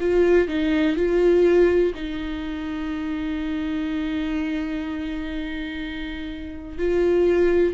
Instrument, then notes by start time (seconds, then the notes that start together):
viola
0.00 F4
0.48 D#4
0.96 F4
1.94 D#4
6.78 F4